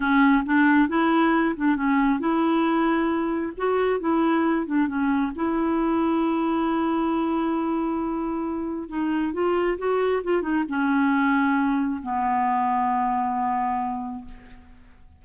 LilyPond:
\new Staff \with { instrumentName = "clarinet" } { \time 4/4 \tempo 4 = 135 cis'4 d'4 e'4. d'8 | cis'4 e'2. | fis'4 e'4. d'8 cis'4 | e'1~ |
e'1 | dis'4 f'4 fis'4 f'8 dis'8 | cis'2. b4~ | b1 | }